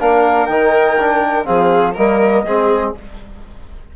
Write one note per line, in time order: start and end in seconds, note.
0.00 0.48 A#3
0.00 0.49 D4
0.00 1.47 A#4
0.00 0.46 F5
0.46 1.47 D#3
0.46 0.98 D#4
0.46 1.45 G5
0.99 1.45 D4
1.45 1.97 F3
1.45 1.94 C4
1.45 1.94 G#4
1.45 1.95 F5
1.94 2.45 G3
1.94 2.47 A#3
1.94 2.43 A#4
1.94 2.94 D#5
2.45 2.94 G#3
2.45 2.96 C4
2.45 2.96 G#4